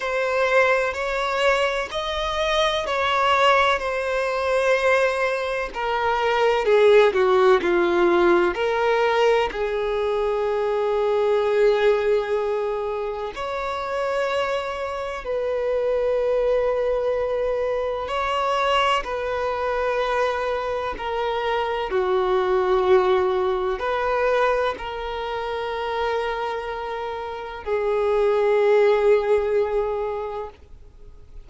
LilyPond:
\new Staff \with { instrumentName = "violin" } { \time 4/4 \tempo 4 = 63 c''4 cis''4 dis''4 cis''4 | c''2 ais'4 gis'8 fis'8 | f'4 ais'4 gis'2~ | gis'2 cis''2 |
b'2. cis''4 | b'2 ais'4 fis'4~ | fis'4 b'4 ais'2~ | ais'4 gis'2. | }